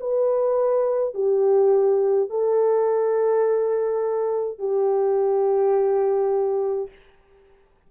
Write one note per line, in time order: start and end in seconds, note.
0.00 1.14 B4
1.14 2.30 G4
2.30 4.58 A4
4.58 6.89 G4